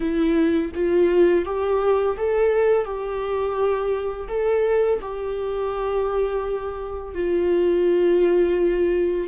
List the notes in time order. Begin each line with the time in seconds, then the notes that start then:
0.00 E4
0.74 F4
1.45 G4
2.17 A4
2.84 G4
4.28 A4
5.01 G4
7.14 F4